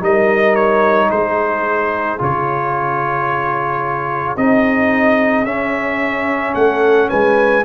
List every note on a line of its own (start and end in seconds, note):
0.00 1.10 G3
0.00 2.18 D#4
0.00 1.08 A#4
0.00 0.55 D#5
0.55 1.10 C#5
1.08 2.20 G#3
1.08 6.54 G#4
1.08 2.20 C5
2.18 4.37 C#3
2.18 4.37 F4
2.18 4.37 C#5
4.37 5.45 C4
4.37 5.45 D#4
4.37 5.45 D#5
5.45 6.54 C#4
5.45 7.64 C#4
5.45 6.54 E5
6.55 7.10 A3
6.55 7.10 A4
6.55 7.09 F#5
7.10 7.65 G#3
7.10 7.64 B4
7.10 7.64 G#5